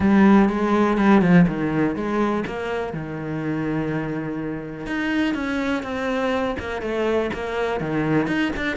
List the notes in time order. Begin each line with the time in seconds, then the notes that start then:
0.00 G3
0.49 G#3
0.97 G3
1.21 F3
1.47 D#3
1.95 G#3
2.46 A#3
2.93 D#3
4.86 D#4
5.34 C#4
5.82 C4
6.59 A#3
6.81 A3
7.33 A#3
7.80 D#3
8.27 D#4
8.56 D4